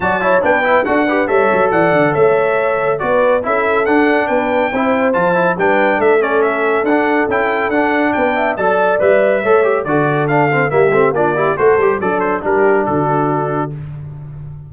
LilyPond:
<<
  \new Staff \with { instrumentName = "trumpet" } { \time 4/4 \tempo 4 = 140 a''4 g''4 fis''4 e''4 | fis''4 e''2 d''4 | e''4 fis''4 g''2 | a''4 g''4 e''8 d''8 e''4 |
fis''4 g''4 fis''4 g''4 | a''4 e''2 d''4 | f''4 e''4 d''4 c''4 | d''8 c''8 ais'4 a'2 | }
  \new Staff \with { instrumentName = "horn" } { \time 4/4 d''8 cis''8 b'4 a'8 b'8 cis''4 | d''4 cis''2 b'4 | a'2 b'4 c''4~ | c''4 b'4 a'2~ |
a'2. b'8 e''8 | d''2 cis''4 a'4~ | a'4 g'4 f'8 g'8 a'4 | d'4 g'4 fis'2 | }
  \new Staff \with { instrumentName = "trombone" } { \time 4/4 fis'8 e'8 d'8 e'8 fis'8 g'8 a'4~ | a'2. fis'4 | e'4 d'2 e'4 | f'8 e'8 d'4. cis'4. |
d'4 e'4 d'2 | a'4 b'4 a'8 g'8 fis'4 | d'8 c'8 ais8 c'8 d'8 e'8 fis'8 g'8 | a'4 d'2. | }
  \new Staff \with { instrumentName = "tuba" } { \time 4/4 fis4 b4 d'4 g8 fis8 | e8 d8 a2 b4 | cis'4 d'4 b4 c'4 | f4 g4 a2 |
d'4 cis'4 d'4 b4 | fis4 g4 a4 d4~ | d4 g8 a8 ais4 a8 g8 | fis4 g4 d2 | }
>>